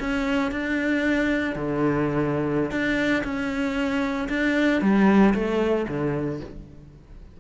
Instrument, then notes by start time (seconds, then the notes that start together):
cello
0.00 C#4
0.51 D4
1.56 D3
2.71 D4
3.24 C#4
4.29 D4
4.82 G3
5.34 A3
5.88 D3